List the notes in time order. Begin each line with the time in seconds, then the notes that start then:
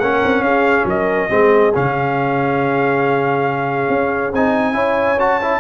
0.00 A#3 C#4 A#4 F#5
0.24 C4
0.41 C#4 G#4 F5
0.85 F#3 A#4 D#5
1.29 G#3 C4 G#4
1.74 C#3 C#4 F5
3.89 C#4
4.32 C4 D#4 G#5
4.74 C#4 E4 C#5
5.20 F#4 A5
5.42 E4